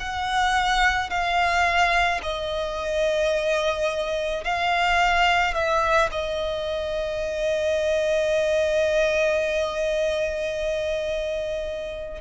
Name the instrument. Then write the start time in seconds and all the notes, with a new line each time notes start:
violin
0.00 F#5
1.10 F5
2.23 D#5
4.45 F5
5.55 E5
6.12 D#5